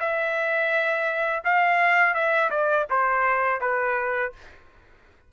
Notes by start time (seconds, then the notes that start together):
0.00 E5
1.44 F5
2.14 E5
2.51 D5
2.90 C5
3.61 B4